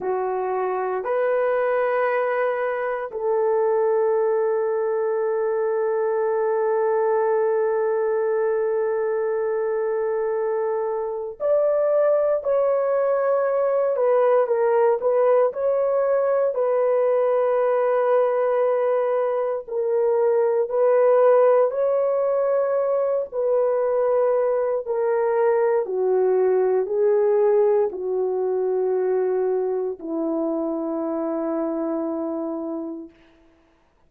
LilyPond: \new Staff \with { instrumentName = "horn" } { \time 4/4 \tempo 4 = 58 fis'4 b'2 a'4~ | a'1~ | a'2. d''4 | cis''4. b'8 ais'8 b'8 cis''4 |
b'2. ais'4 | b'4 cis''4. b'4. | ais'4 fis'4 gis'4 fis'4~ | fis'4 e'2. | }